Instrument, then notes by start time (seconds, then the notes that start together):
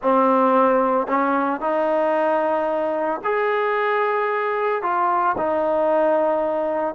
trombone
0.02 C4
1.07 C#4
1.60 D#4
3.24 G#4
4.82 F4
5.37 D#4